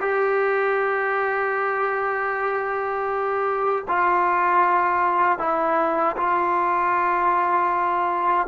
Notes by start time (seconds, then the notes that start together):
0.00 G4
3.88 F4
5.38 E4
6.16 F4